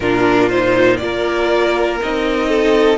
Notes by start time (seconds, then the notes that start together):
0.00 A#2 D4 F4 A#4
0.49 D#4 C5
0.96 A#3 F4 D5
1.03 A#4
2.01 C4 D#4 D#5
2.48 A4